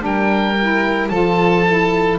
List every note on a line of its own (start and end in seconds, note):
0.00 1.10 G3
0.00 0.55 D4
0.00 1.11 A#4
0.00 1.09 G5
0.60 1.11 E4
1.09 2.19 F3
1.09 1.65 F4
1.09 2.19 A4
1.09 2.18 A5
1.67 2.19 E4